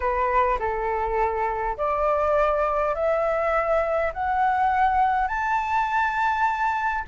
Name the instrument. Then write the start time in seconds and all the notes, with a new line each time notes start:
flute
0.00 B4
0.59 A4
1.77 D5
2.94 E5
4.13 F#5
5.27 A5